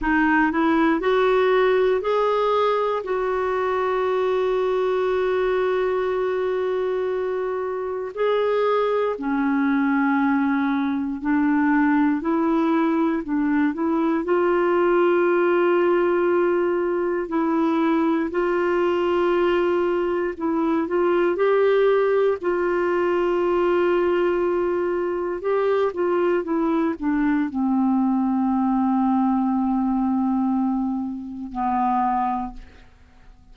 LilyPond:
\new Staff \with { instrumentName = "clarinet" } { \time 4/4 \tempo 4 = 59 dis'8 e'8 fis'4 gis'4 fis'4~ | fis'1 | gis'4 cis'2 d'4 | e'4 d'8 e'8 f'2~ |
f'4 e'4 f'2 | e'8 f'8 g'4 f'2~ | f'4 g'8 f'8 e'8 d'8 c'4~ | c'2. b4 | }